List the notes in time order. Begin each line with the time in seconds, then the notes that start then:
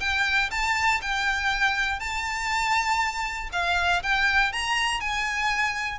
0.00 G5
0.51 A5
1.02 G5
2.00 A5
3.53 F5
4.03 G5
4.52 A#5
5.00 G#5